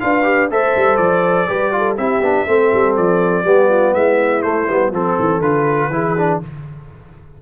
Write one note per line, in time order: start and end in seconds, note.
0.00 0.50 D4
0.00 0.23 F4
0.00 0.51 B4
0.00 0.49 F5
0.23 0.48 G4
0.50 0.75 A3
0.50 1.49 A4
0.50 1.48 C5
0.50 0.97 E5
0.76 0.98 G3
0.97 1.47 F3
0.97 1.95 D5
1.48 1.98 G3
1.48 1.71 G4
1.48 1.73 B4
1.71 1.96 F4
1.78 1.98 A4
1.97 2.20 C4
1.97 2.21 E4
1.97 2.47 G4
1.97 2.96 E5
2.20 2.45 B3
2.20 2.47 D4
2.47 2.72 A3
2.47 3.44 C4
2.47 3.45 A4
2.73 2.98 G3
2.96 3.44 F3
2.96 3.94 D5
3.44 3.93 G3
3.44 4.43 B3
3.44 3.69 G4
3.69 3.93 F4
3.93 4.43 G#3
3.93 4.92 E4
3.93 4.42 E5
4.42 4.68 A3
4.42 4.91 C5
4.68 4.91 G3
4.68 4.92 B3
4.91 5.16 F3
4.91 5.42 C4
4.91 5.91 A4
4.91 5.41 A4
5.19 5.40 E3
5.40 5.89 D3
5.40 5.91 F4
5.40 6.39 B4
5.89 6.38 E3
5.89 6.16 E4
5.89 6.42 G#4
6.17 6.42 D4